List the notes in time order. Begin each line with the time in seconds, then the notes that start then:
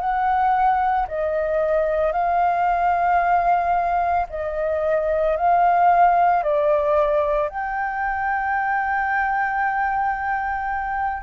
0.00 F#5
1.08 D#5
2.13 F5
4.30 D#5
5.37 F5
6.44 D5
7.50 G5